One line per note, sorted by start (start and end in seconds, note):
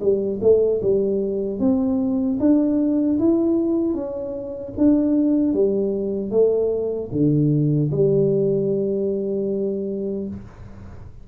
0.00 0.39 G3
0.42 0.81 A3
0.82 1.59 G3
1.59 2.38 C4
2.40 3.19 D4
3.19 3.94 E4
3.94 4.73 C#4
4.78 5.53 D4
5.53 6.31 G3
6.31 7.10 A3
7.12 7.91 D3
7.91 10.28 G3